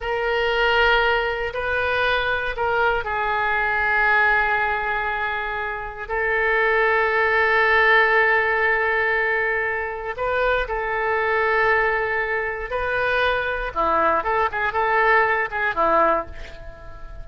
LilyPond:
\new Staff \with { instrumentName = "oboe" } { \time 4/4 \tempo 4 = 118 ais'2. b'4~ | b'4 ais'4 gis'2~ | gis'1 | a'1~ |
a'1 | b'4 a'2.~ | a'4 b'2 e'4 | a'8 gis'8 a'4. gis'8 e'4 | }